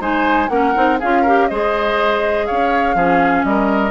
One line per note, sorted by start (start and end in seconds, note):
0.00 0.49 G#3
0.00 0.50 D#4
0.00 0.50 C5
0.00 0.49 G#5
0.49 0.74 A#3
0.49 0.75 C#4
0.49 1.00 A#4
0.49 0.98 F#5
0.75 1.02 C4
0.75 1.00 D#4
1.00 1.51 C#4
1.00 1.27 F4
1.00 1.23 G#4
1.00 1.48 F5
1.23 1.51 G4
1.23 1.47 A#4
1.48 2.50 G#3
1.48 2.98 G#4
1.48 2.47 C5
1.48 2.46 D#5
2.46 2.95 C#4
2.46 2.96 C#5
2.46 3.44 F5
2.95 3.44 F3
2.95 3.91 C#4
2.95 3.46 G#4
3.44 3.91 G3
3.44 3.91 A#4
3.44 3.91 D#5